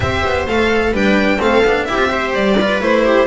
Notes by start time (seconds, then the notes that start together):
0.00 C4 G4 C5 E5
0.25 B3
0.46 A3 A4 F5
0.91 G3 D4 B4 G5
1.38 A3 C4 A4 F5
1.63 B3 D4
1.84 E4 G4 E5
1.92 C4 F4
2.08 G4 C5
2.34 G3 D5
2.58 F4 B4
2.80 A3 E4 C5
3.04 G4